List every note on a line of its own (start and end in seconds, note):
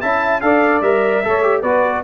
0.00 0.42 C#4
0.00 0.42 E4
0.00 0.40 E5
0.00 0.41 A5
0.41 0.81 D4
0.41 0.82 A4
0.41 1.24 D5
0.41 0.81 F5
0.81 1.21 G3
0.81 1.23 A#4
0.81 1.62 E5
1.23 1.63 A3
1.23 1.43 A4
1.23 1.59 C#5
1.43 1.63 G4
1.59 2.03 B3
1.59 2.04 F#4
1.59 2.00 B4
1.59 2.02 D5